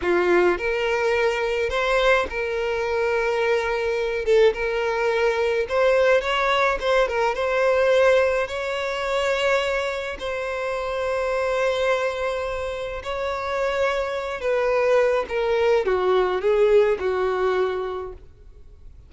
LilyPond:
\new Staff \with { instrumentName = "violin" } { \time 4/4 \tempo 4 = 106 f'4 ais'2 c''4 | ais'2.~ ais'8 a'8 | ais'2 c''4 cis''4 | c''8 ais'8 c''2 cis''4~ |
cis''2 c''2~ | c''2. cis''4~ | cis''4. b'4. ais'4 | fis'4 gis'4 fis'2 | }